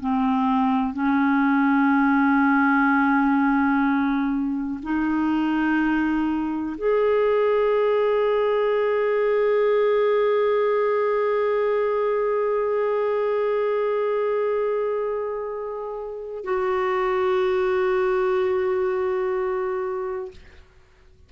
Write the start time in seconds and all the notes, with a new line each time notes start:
0.00 C4
0.93 C#4
4.83 D#4
6.77 G#4
16.44 F#4